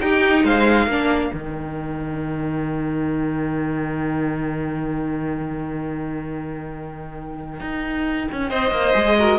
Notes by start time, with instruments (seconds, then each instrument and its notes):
0.00 viola D#4, cello D#4, violin G4 G5
0.43 cello G#3, violin C5 F5
0.86 cello A#3, viola D4, violin A#4
1.34 cello D#3, viola D#4, violin G5
7.60 cello D#4
8.32 cello C#4
8.49 cello C4, violin C5 D#5
8.71 cello A#3
8.94 cello G#3, viola G#4
9.19 viola F#4, violin A#4